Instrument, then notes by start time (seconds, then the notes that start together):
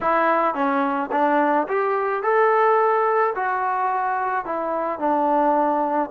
trombone
0.00 E4
0.54 C#4
1.11 D4
1.68 G4
2.22 A4
3.35 F#4
4.45 E4
4.98 D4